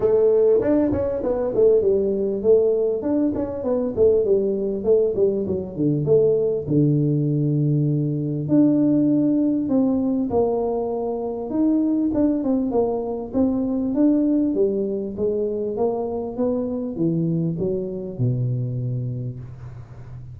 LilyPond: \new Staff \with { instrumentName = "tuba" } { \time 4/4 \tempo 4 = 99 a4 d'8 cis'8 b8 a8 g4 | a4 d'8 cis'8 b8 a8 g4 | a8 g8 fis8 d8 a4 d4~ | d2 d'2 |
c'4 ais2 dis'4 | d'8 c'8 ais4 c'4 d'4 | g4 gis4 ais4 b4 | e4 fis4 b,2 | }